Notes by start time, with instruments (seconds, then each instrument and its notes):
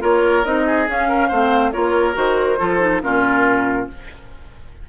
0.00 bassoon A#3, clarinet F4, oboe A#4, flute C#5
0.45 bassoon C4, clarinet D#4, flute D#5
0.66 oboe G#4
0.87 clarinet C#4, bassoon C#4, flute F5
1.08 oboe A#4
1.28 bassoon A3, clarinet C4, oboe C5
1.72 bassoon A#3, clarinet F4, oboe A#4, flute C#5
2.13 bassoon D#3, clarinet F#4, flute C5
2.59 bassoon F3, clarinet F4, oboe A4
2.79 clarinet D#4
3.02 bassoon A#2, clarinet C#4, oboe F4, flute A#4